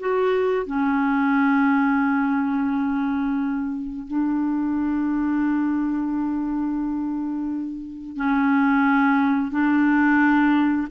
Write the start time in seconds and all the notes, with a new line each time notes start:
0.00 F#4
0.67 C#4
4.08 D4
8.17 C#4
9.51 D4